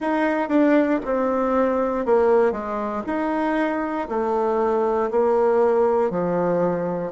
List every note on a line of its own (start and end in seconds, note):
0.00 0.48 D#4
0.48 0.99 D4
1.04 2.05 C4
2.05 2.51 A#3
2.51 3.02 G#3
3.06 4.08 D#4
4.09 5.10 A3
5.10 6.10 A#3
6.10 7.12 F3